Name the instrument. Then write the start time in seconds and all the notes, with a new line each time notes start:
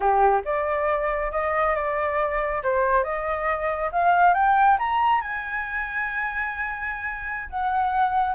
flute
0.00 G4
0.44 D5
1.31 D#5
1.75 D5
2.63 C5
3.03 D#5
3.92 F5
4.34 G5
4.78 A#5
5.21 G#5
7.49 F#5